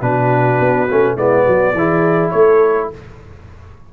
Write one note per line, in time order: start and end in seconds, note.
0.00 0.59 B2
0.00 0.88 D4
0.00 1.15 F#4
0.00 1.17 B4
0.59 0.88 B3
0.89 1.16 A3
0.89 1.17 C#4
1.16 1.45 G#3
1.16 1.75 B3
1.16 1.44 E4
1.16 2.30 D5
1.44 1.73 F#3
1.44 1.73 F#4
1.73 2.31 E3
1.73 2.93 E4
1.73 2.33 G#4
2.30 2.91 A3
2.30 2.91 A4
2.30 2.87 C#5